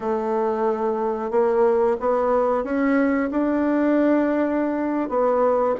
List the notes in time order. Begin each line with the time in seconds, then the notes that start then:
0.00 A3
1.30 A#3
2.00 B3
2.63 C#4
3.31 D4
5.09 B3